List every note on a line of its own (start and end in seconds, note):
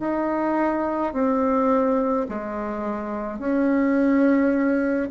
0.00 1.13 D#4
1.13 2.26 C4
2.28 3.39 G#3
3.39 5.09 C#4